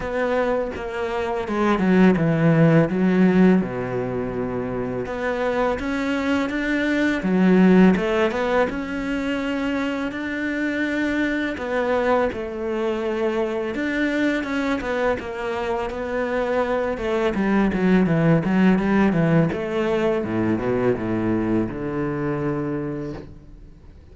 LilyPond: \new Staff \with { instrumentName = "cello" } { \time 4/4 \tempo 4 = 83 b4 ais4 gis8 fis8 e4 | fis4 b,2 b4 | cis'4 d'4 fis4 a8 b8 | cis'2 d'2 |
b4 a2 d'4 | cis'8 b8 ais4 b4. a8 | g8 fis8 e8 fis8 g8 e8 a4 | a,8 b,8 a,4 d2 | }